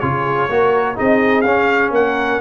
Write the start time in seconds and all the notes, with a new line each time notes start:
0.00 C#3 F4 G#4 C#5
0.50 A#3 F#4 A#4
0.95 C4 D#4 G#4 D#5
1.42 C#4 F5
1.91 A#3 A#4 F#5